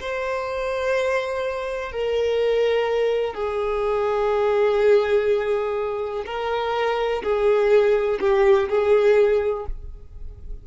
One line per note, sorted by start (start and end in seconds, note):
0.00 1.92 C5
1.92 3.34 A#4
3.34 6.25 G#4
6.26 7.22 A#4
7.23 8.20 G#4
8.20 8.68 G4
8.69 9.66 G#4